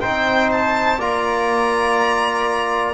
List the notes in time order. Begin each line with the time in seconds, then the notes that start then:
0.00 C4 D#4 C5 G5
0.52 A5
0.98 A#3 F4 D5 A#5